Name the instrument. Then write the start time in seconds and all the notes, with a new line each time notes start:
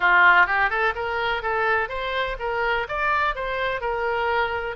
oboe
0.00 F4
0.46 G4
0.69 A4
0.95 A#4
1.42 A4
1.89 C5
2.39 A#4
2.88 D5
3.35 C5
3.80 A#4